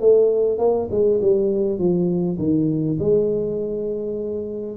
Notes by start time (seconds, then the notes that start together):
0.00 A3
0.59 A#3
0.91 G#3
1.21 G3
1.78 F3
2.38 D#3
2.99 G#3